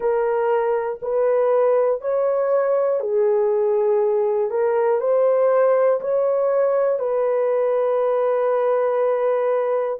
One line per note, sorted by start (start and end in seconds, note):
0.00 1.00 A#4
1.02 2.00 B4
2.00 3.00 C#5
3.00 4.50 G#4
4.50 5.00 A#4
5.00 6.00 C5
6.00 6.99 C#5
6.99 9.99 B4